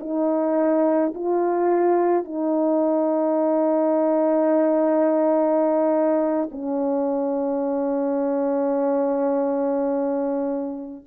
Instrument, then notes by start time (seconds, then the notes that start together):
horn
0.00 D#4
1.14 F4
2.24 D#4
6.51 C#4